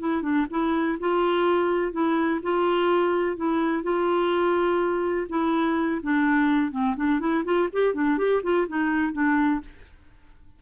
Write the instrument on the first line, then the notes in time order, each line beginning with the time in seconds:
clarinet
0.00 E4
0.22 D4
0.50 E4
1.00 F4
1.92 E4
2.43 F4
3.37 E4
3.83 F4
5.29 E4
6.03 D4
6.72 C4
6.96 D4
7.20 E4
7.45 F4
7.73 G4
7.94 D4
8.18 G4
8.43 F4
8.68 D#4
9.13 D4